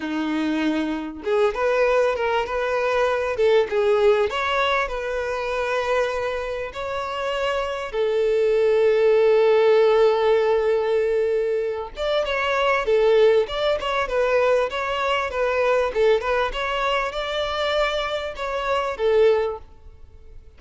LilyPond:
\new Staff \with { instrumentName = "violin" } { \time 4/4 \tempo 4 = 98 dis'2 gis'8 b'4 ais'8 | b'4. a'8 gis'4 cis''4 | b'2. cis''4~ | cis''4 a'2.~ |
a'2.~ a'8 d''8 | cis''4 a'4 d''8 cis''8 b'4 | cis''4 b'4 a'8 b'8 cis''4 | d''2 cis''4 a'4 | }